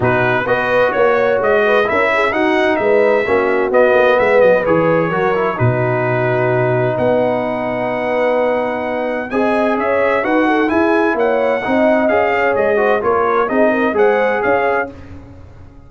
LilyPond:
<<
  \new Staff \with { instrumentName = "trumpet" } { \time 4/4 \tempo 4 = 129 b'4 dis''4 cis''4 dis''4 | e''4 fis''4 e''2 | dis''4 e''8 dis''8 cis''2 | b'2. fis''4~ |
fis''1 | gis''4 e''4 fis''4 gis''4 | fis''2 f''4 dis''4 | cis''4 dis''4 fis''4 f''4 | }
  \new Staff \with { instrumentName = "horn" } { \time 4/4 fis'4 b'4 cis''4. b'8 | ais'8 gis'8 fis'4 b'4 fis'4~ | fis'4 b'2 ais'4 | fis'2. b'4~ |
b'1 | dis''4 cis''4 b'8 a'8 gis'4 | cis''4 dis''4. cis''4 c''8 | ais'4 gis'8 ais'8 c''4 cis''4 | }
  \new Staff \with { instrumentName = "trombone" } { \time 4/4 dis'4 fis'2. | e'4 dis'2 cis'4 | b2 gis'4 fis'8 e'8 | dis'1~ |
dis'1 | gis'2 fis'4 e'4~ | e'4 dis'4 gis'4. fis'8 | f'4 dis'4 gis'2 | }
  \new Staff \with { instrumentName = "tuba" } { \time 4/4 b,4 b4 ais4 gis4 | cis'4 dis'4 gis4 ais4 | b8 ais8 gis8 fis8 e4 fis4 | b,2. b4~ |
b1 | c'4 cis'4 dis'4 e'4 | ais4 c'4 cis'4 gis4 | ais4 c'4 gis4 cis'4 | }
>>